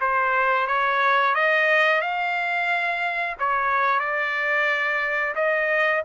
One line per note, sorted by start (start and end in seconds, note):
0.00 0.67 C5
0.67 1.35 C#5
1.35 2.01 D#5
2.01 3.36 F5
3.39 3.99 C#5
3.99 5.34 D5
5.35 6.03 D#5